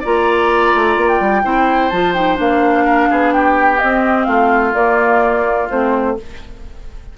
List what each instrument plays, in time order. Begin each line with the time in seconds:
0.00 bassoon A#3, clarinet F4, oboe D5, flute A#5
0.74 bassoon A3
0.96 bassoon A#3
1.08 flute G5
1.20 bassoon G3
1.43 bassoon C4, clarinet E4, oboe C5
1.89 bassoon F3, clarinet F4, flute A5
2.14 clarinet D#4, flute G5
2.35 bassoon A#3, clarinet D4, flute F5
2.85 oboe A#4
3.10 bassoon B3, oboe G#4
3.32 oboe G4, flute G5
3.79 bassoon C4, clarinet C4, flute D#5
4.24 bassoon A3, oboe F4, flute F5
4.74 bassoon A#3, clarinet A#3, flute D5
5.70 bassoon A3, clarinet C4, flute C5